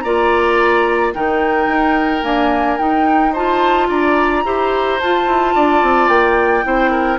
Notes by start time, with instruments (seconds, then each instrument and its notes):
0.00 bassoon A#3, clarinet F4, oboe D5, flute A#5
1.14 bassoon D#3, clarinet D#4, oboe A#4, flute G5
1.67 bassoon D#4
2.22 clarinet A#3, bassoon D4, flute G#5
2.78 clarinet D#4, bassoon D#4, flute G5
3.32 clarinet F4, oboe C5, flute A5
3.88 bassoon D4, oboe D5, flute A#5
4.44 bassoon E4, clarinet G4, oboe C5
4.99 bassoon F4, clarinet F4, flute A5
5.26 bassoon E4
5.54 bassoon D4, oboe D5
5.82 bassoon C4
6.08 bassoon A#3, flute G5
6.63 bassoon C4, clarinet E4, oboe C5
6.90 oboe A#4